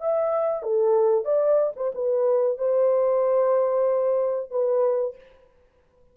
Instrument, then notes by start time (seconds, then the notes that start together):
horn
0.00 E5
0.62 A4
1.25 D5
1.76 C5
1.95 B4
2.58 C5
4.51 B4